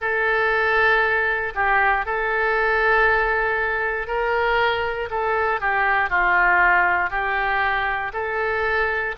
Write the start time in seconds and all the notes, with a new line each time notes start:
0.00 A4
1.54 G4
2.05 A4
4.07 A#4
5.10 A4
5.60 G4
6.09 F4
7.10 G4
8.13 A4